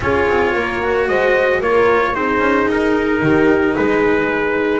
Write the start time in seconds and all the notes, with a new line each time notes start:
0.00 C#4 F4 G#4 C#5
0.28 C4
0.54 A#3 A#4
0.82 F#4
1.07 G#3 C5 D#5
1.59 A#3 F4 A#4 C#5
2.14 C4 D#4 G#4 C5
2.39 C#4
2.67 D#4 A#4
3.22 D#3 G4
3.75 G#3 G#4 B4